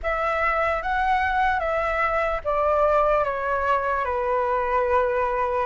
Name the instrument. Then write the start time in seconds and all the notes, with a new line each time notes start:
flute
0.03 E5
0.82 F#5
1.59 E5
2.44 D5
3.24 C#5
4.05 B4